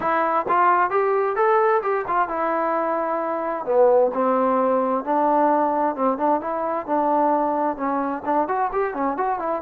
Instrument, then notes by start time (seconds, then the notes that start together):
trombone
0.00 E4
0.48 F4
0.90 G4
1.36 A4
1.82 G4
2.07 F4
2.28 E4
3.65 B3
4.13 C4
5.04 D4
5.95 C4
6.17 D4
6.41 E4
6.86 D4
7.76 C#4
8.25 D4
8.48 F#4
8.72 G4
8.94 C#4
9.17 F#4
9.39 E4